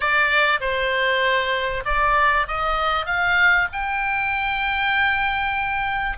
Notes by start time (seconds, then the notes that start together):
0.00 D5
0.60 C5
1.85 D5
2.47 D#5
3.06 F5
3.72 G5